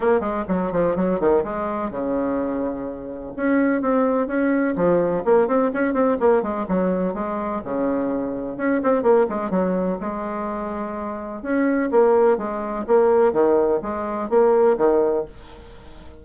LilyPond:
\new Staff \with { instrumentName = "bassoon" } { \time 4/4 \tempo 4 = 126 ais8 gis8 fis8 f8 fis8 dis8 gis4 | cis2. cis'4 | c'4 cis'4 f4 ais8 c'8 | cis'8 c'8 ais8 gis8 fis4 gis4 |
cis2 cis'8 c'8 ais8 gis8 | fis4 gis2. | cis'4 ais4 gis4 ais4 | dis4 gis4 ais4 dis4 | }